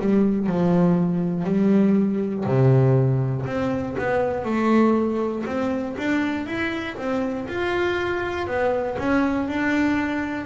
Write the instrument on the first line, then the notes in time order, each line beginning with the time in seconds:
double bass
0.00 G3
0.47 F3
1.45 G3
2.46 C3
3.46 C4
3.99 B3
4.45 A3
5.46 C4
5.98 D4
6.47 E4
6.97 C4
7.49 F4
8.47 B3
8.99 C#4
9.49 D4